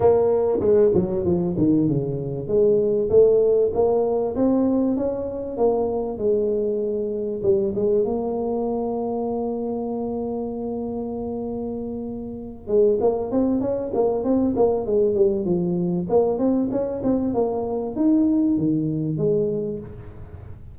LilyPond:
\new Staff \with { instrumentName = "tuba" } { \time 4/4 \tempo 4 = 97 ais4 gis8 fis8 f8 dis8 cis4 | gis4 a4 ais4 c'4 | cis'4 ais4 gis2 | g8 gis8 ais2.~ |
ais1~ | ais8 gis8 ais8 c'8 cis'8 ais8 c'8 ais8 | gis8 g8 f4 ais8 c'8 cis'8 c'8 | ais4 dis'4 dis4 gis4 | }